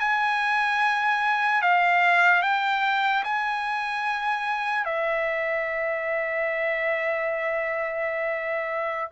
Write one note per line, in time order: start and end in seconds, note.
0.00 1.62 G#5
1.62 2.43 F5
2.43 3.24 G5
3.24 4.85 G#5
4.85 9.11 E5